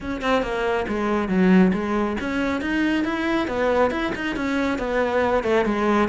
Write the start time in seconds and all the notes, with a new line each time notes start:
0.00 C#4
0.21 C4
0.42 A#3
0.88 G#3
1.28 F#3
1.73 G#3
2.20 C#4
2.61 D#4
3.04 E4
3.47 B3
3.91 E4
4.15 D#4
4.35 C#4
4.78 B3
5.43 A3
5.65 G#3